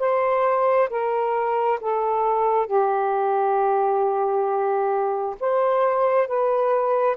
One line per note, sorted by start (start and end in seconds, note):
0.00 0.90 C5
0.90 1.80 A#4
1.81 2.67 A4
2.67 5.36 G4
5.41 6.28 C5
6.28 7.17 B4